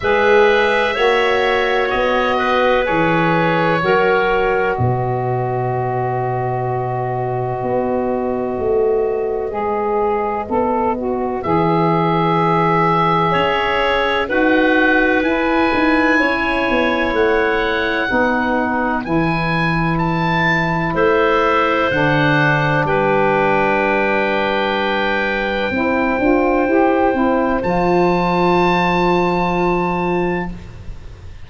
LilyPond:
<<
  \new Staff \with { instrumentName = "oboe" } { \time 4/4 \tempo 4 = 63 e''2 dis''4 cis''4~ | cis''4 dis''2.~ | dis''1 | e''2. fis''4 |
gis''2 fis''2 | gis''4 a''4 e''4 fis''4 | g''1~ | g''4 a''2. | }
  \new Staff \with { instrumentName = "clarinet" } { \time 4/4 b'4 cis''4. b'4. | ais'4 b'2.~ | b'1~ | b'2 cis''4 b'4~ |
b'4 cis''2 b'4~ | b'2 c''2 | b'2. c''4~ | c''1 | }
  \new Staff \with { instrumentName = "saxophone" } { \time 4/4 gis'4 fis'2 gis'4 | fis'1~ | fis'2 gis'4 a'8 fis'8 | gis'2. fis'4 |
e'2. dis'4 | e'2. d'4~ | d'2. e'8 f'8 | g'8 e'8 f'2. | }
  \new Staff \with { instrumentName = "tuba" } { \time 4/4 gis4 ais4 b4 e4 | fis4 b,2. | b4 a4 gis4 b4 | e2 cis'4 dis'4 |
e'8 dis'8 cis'8 b8 a4 b4 | e2 a4 d4 | g2. c'8 d'8 | e'8 c'8 f2. | }
>>